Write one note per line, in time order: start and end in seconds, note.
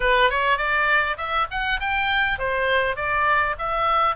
0.00 0.29 B4
0.29 0.57 C#5
0.57 1.16 D5
1.17 1.46 E5
1.50 1.80 F#5
1.80 2.38 G5
2.38 2.96 C5
2.96 3.55 D5
3.58 4.15 E5